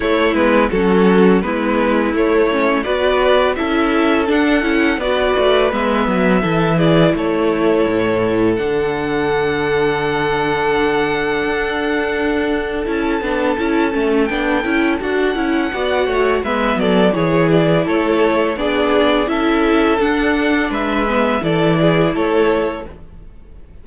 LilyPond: <<
  \new Staff \with { instrumentName = "violin" } { \time 4/4 \tempo 4 = 84 cis''8 b'8 a'4 b'4 cis''4 | d''4 e''4 fis''4 d''4 | e''4. d''8 cis''2 | fis''1~ |
fis''2 a''2 | g''4 fis''2 e''8 d''8 | cis''8 d''8 cis''4 d''4 e''4 | fis''4 e''4 d''4 cis''4 | }
  \new Staff \with { instrumentName = "violin" } { \time 4/4 e'4 fis'4 e'2 | b'4 a'2 b'4~ | b'4 a'8 gis'8 a'2~ | a'1~ |
a'1~ | a'2 d''8 cis''8 b'8 a'8 | gis'4 a'4 gis'4 a'4~ | a'4 b'4 a'8 gis'8 a'4 | }
  \new Staff \with { instrumentName = "viola" } { \time 4/4 a8 b8 cis'4 b4 a8 cis'8 | fis'4 e'4 d'8 e'8 fis'4 | b4 e'2. | d'1~ |
d'2 e'8 d'8 e'8 cis'8 | d'8 e'8 fis'8 e'8 fis'4 b4 | e'2 d'4 e'4 | d'4. b8 e'2 | }
  \new Staff \with { instrumentName = "cello" } { \time 4/4 a8 gis8 fis4 gis4 a4 | b4 cis'4 d'8 cis'8 b8 a8 | gis8 fis8 e4 a4 a,4 | d1 |
d'2 cis'8 b8 cis'8 a8 | b8 cis'8 d'8 cis'8 b8 a8 gis8 fis8 | e4 a4 b4 cis'4 | d'4 gis4 e4 a4 | }
>>